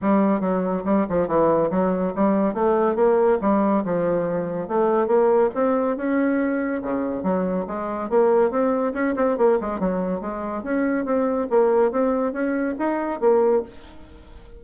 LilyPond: \new Staff \with { instrumentName = "bassoon" } { \time 4/4 \tempo 4 = 141 g4 fis4 g8 f8 e4 | fis4 g4 a4 ais4 | g4 f2 a4 | ais4 c'4 cis'2 |
cis4 fis4 gis4 ais4 | c'4 cis'8 c'8 ais8 gis8 fis4 | gis4 cis'4 c'4 ais4 | c'4 cis'4 dis'4 ais4 | }